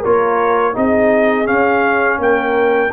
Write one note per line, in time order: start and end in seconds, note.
0.00 0.74 F4
0.00 0.72 A#4
0.00 0.77 C#5
0.06 0.77 A#3
0.74 1.49 C4
0.74 1.46 D#4
0.74 2.19 G#4
0.74 1.47 D#5
1.46 2.90 C#4
1.46 2.19 C#4
1.46 2.20 F5
2.19 2.91 A#3
2.19 2.94 A#4
2.19 2.94 G5